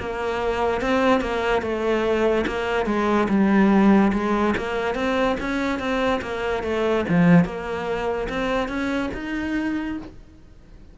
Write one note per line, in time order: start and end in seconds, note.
0.00 0.81 A#3
0.81 1.21 C4
1.21 1.62 A#3
1.62 2.45 A3
2.47 2.86 A#3
2.86 3.28 G#3
3.29 4.12 G3
4.13 4.55 G#3
4.58 4.95 A#3
4.95 5.37 C4
5.40 5.79 C#4
5.79 6.21 C4
6.22 6.64 A#3
6.64 7.05 A3
7.09 7.45 F3
7.45 8.28 A#3
8.29 8.69 C4
8.69 9.10 C#4
9.14 9.98 D#4